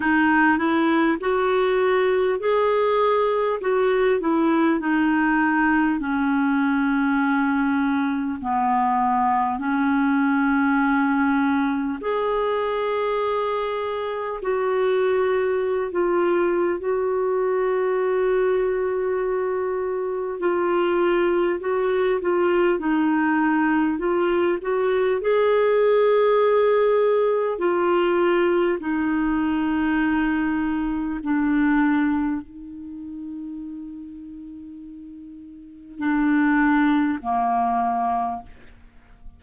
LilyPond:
\new Staff \with { instrumentName = "clarinet" } { \time 4/4 \tempo 4 = 50 dis'8 e'8 fis'4 gis'4 fis'8 e'8 | dis'4 cis'2 b4 | cis'2 gis'2 | fis'4~ fis'16 f'8. fis'2~ |
fis'4 f'4 fis'8 f'8 dis'4 | f'8 fis'8 gis'2 f'4 | dis'2 d'4 dis'4~ | dis'2 d'4 ais4 | }